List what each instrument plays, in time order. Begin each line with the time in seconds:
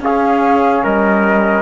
0.00 cello C#4, trombone C#4, trumpet G#4, flute F5
0.83 cello G3, trumpet A#4, flute D#5